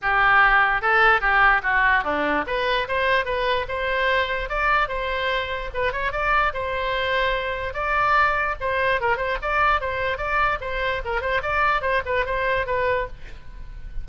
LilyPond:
\new Staff \with { instrumentName = "oboe" } { \time 4/4 \tempo 4 = 147 g'2 a'4 g'4 | fis'4 d'4 b'4 c''4 | b'4 c''2 d''4 | c''2 b'8 cis''8 d''4 |
c''2. d''4~ | d''4 c''4 ais'8 c''8 d''4 | c''4 d''4 c''4 ais'8 c''8 | d''4 c''8 b'8 c''4 b'4 | }